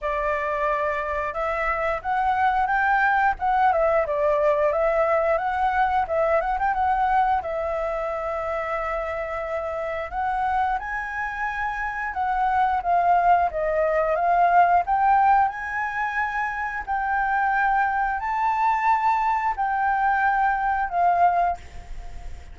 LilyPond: \new Staff \with { instrumentName = "flute" } { \time 4/4 \tempo 4 = 89 d''2 e''4 fis''4 | g''4 fis''8 e''8 d''4 e''4 | fis''4 e''8 fis''16 g''16 fis''4 e''4~ | e''2. fis''4 |
gis''2 fis''4 f''4 | dis''4 f''4 g''4 gis''4~ | gis''4 g''2 a''4~ | a''4 g''2 f''4 | }